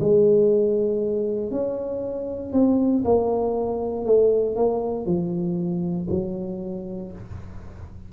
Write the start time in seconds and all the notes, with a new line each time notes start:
0.00 G#3
1.51 C#4
2.53 C4
3.05 A#3
4.05 A3
4.56 A#3
5.06 F3
6.10 F#3